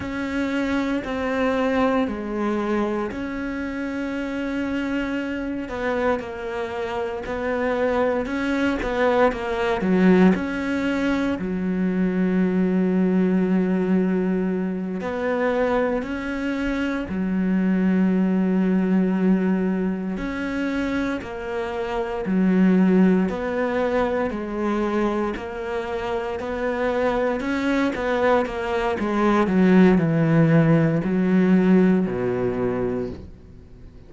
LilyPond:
\new Staff \with { instrumentName = "cello" } { \time 4/4 \tempo 4 = 58 cis'4 c'4 gis4 cis'4~ | cis'4. b8 ais4 b4 | cis'8 b8 ais8 fis8 cis'4 fis4~ | fis2~ fis8 b4 cis'8~ |
cis'8 fis2. cis'8~ | cis'8 ais4 fis4 b4 gis8~ | gis8 ais4 b4 cis'8 b8 ais8 | gis8 fis8 e4 fis4 b,4 | }